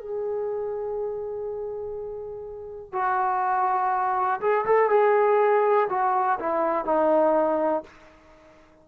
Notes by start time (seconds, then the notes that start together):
0.00 G#4
2.93 F#4
4.41 G#4
4.65 A4
4.90 G#4
5.89 F#4
6.40 E4
6.85 D#4